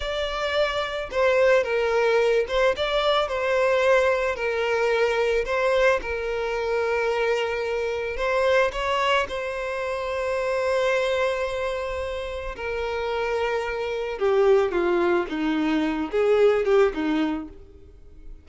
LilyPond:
\new Staff \with { instrumentName = "violin" } { \time 4/4 \tempo 4 = 110 d''2 c''4 ais'4~ | ais'8 c''8 d''4 c''2 | ais'2 c''4 ais'4~ | ais'2. c''4 |
cis''4 c''2.~ | c''2. ais'4~ | ais'2 g'4 f'4 | dis'4. gis'4 g'8 dis'4 | }